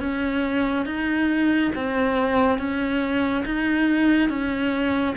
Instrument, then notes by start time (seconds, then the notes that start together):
cello
0.00 C#4
0.86 D#4
1.76 C4
2.59 C#4
3.46 D#4
4.29 C#4